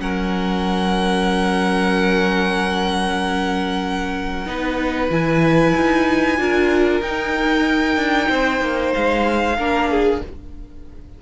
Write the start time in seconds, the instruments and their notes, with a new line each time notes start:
0.00 cello F#3, viola C#4, violin A#4 F#5
4.45 cello B3, viola D#4, violin B4
5.10 cello E3, viola E4, violin G#5
5.77 cello D#4
6.38 cello D4, viola F4, violin A#4
7.01 cello D#4, viola D#4, violin G5
7.96 cello D4
8.29 cello C4, violin C5
8.61 cello A#3
8.94 cello G#3, violin F5
9.58 cello A#3, viola D4, violin A#4
9.90 violin G#4